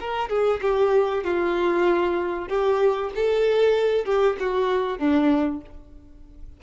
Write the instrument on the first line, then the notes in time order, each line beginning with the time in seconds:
violin
0.00 A#4
0.29 G#4
0.62 G4
1.24 F4
2.48 G4
3.15 A4
4.05 G4
4.40 F#4
4.98 D4